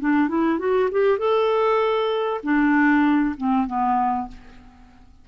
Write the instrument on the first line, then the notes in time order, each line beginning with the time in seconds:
clarinet
0.00 D4
0.28 E4
0.59 F#4
0.91 G4
1.19 A4
2.44 D4
3.38 C4
3.67 B3